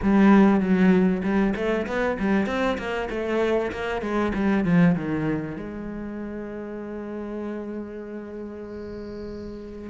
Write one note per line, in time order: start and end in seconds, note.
0.02 0.60 G3
0.60 1.22 F#3
1.23 1.54 G3
1.55 1.86 A3
1.86 2.17 B3
2.19 2.46 G3
2.46 2.77 C4
2.78 3.08 A#3
3.10 3.71 A3
3.71 4.01 A#3
4.01 4.32 G#3
4.34 4.64 G3
4.64 4.95 F3
4.95 5.57 D#3
5.57 9.89 G#3